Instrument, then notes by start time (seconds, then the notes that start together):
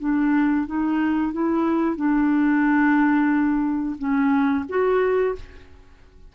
clarinet
0.00 D4
0.67 D#4
1.33 E4
1.96 D4
3.99 C#4
4.69 F#4